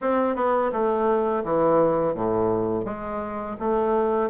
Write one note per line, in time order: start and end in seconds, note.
0.01 0.35 C4
0.35 0.71 B3
0.72 1.43 A3
1.44 2.14 E3
2.14 2.84 A2
2.84 3.56 G#3
3.59 4.30 A3